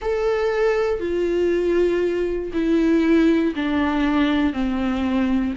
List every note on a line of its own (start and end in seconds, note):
0.01 1.00 A4
1.00 2.51 F4
2.53 3.54 E4
3.55 4.53 D4
4.53 5.53 C4